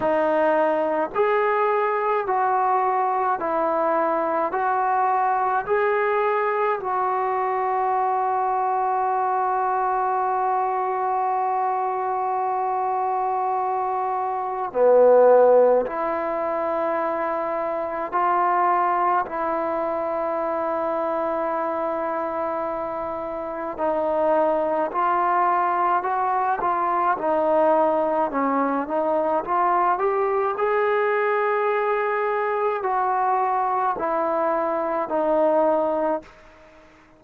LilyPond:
\new Staff \with { instrumentName = "trombone" } { \time 4/4 \tempo 4 = 53 dis'4 gis'4 fis'4 e'4 | fis'4 gis'4 fis'2~ | fis'1~ | fis'4 b4 e'2 |
f'4 e'2.~ | e'4 dis'4 f'4 fis'8 f'8 | dis'4 cis'8 dis'8 f'8 g'8 gis'4~ | gis'4 fis'4 e'4 dis'4 | }